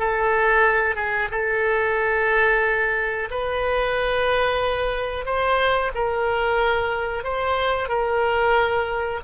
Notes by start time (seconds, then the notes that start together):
0.00 A4
0.96 G#4
1.32 A4
3.31 B4
5.26 C5
5.95 A#4
7.24 C5
7.89 A#4